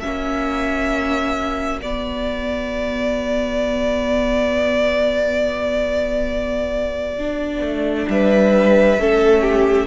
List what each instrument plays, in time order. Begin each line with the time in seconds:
0.00 cello A#3, viola C#4, violin F#4 E5
1.81 cello B3, viola B3, violin D5
7.18 viola D4
7.61 cello A3
8.08 cello G3, violin B4 E5
8.97 cello A3, viola C#4, violin A4
9.41 violin G4